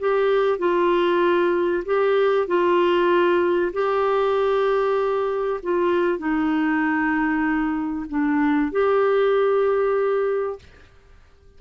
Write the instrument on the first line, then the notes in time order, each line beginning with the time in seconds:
clarinet
0.00 G4
0.59 F4
1.86 G4
2.47 F4
3.73 G4
5.63 F4
6.19 D#4
8.09 D4
8.72 G4